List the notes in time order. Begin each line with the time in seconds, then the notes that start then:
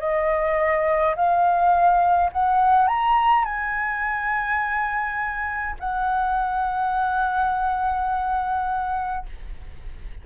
0.00 D#5
1.16 F5
2.33 F#5
2.88 A#5
3.45 G#5
5.80 F#5